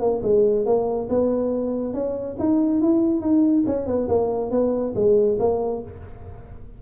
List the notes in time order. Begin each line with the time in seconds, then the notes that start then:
0.00 A#3
0.23 G#3
0.65 A#3
1.09 B3
1.93 C#4
2.39 D#4
2.81 E4
3.20 D#4
3.66 C#4
3.86 B3
4.08 A#3
4.51 B3
4.95 G#3
5.39 A#3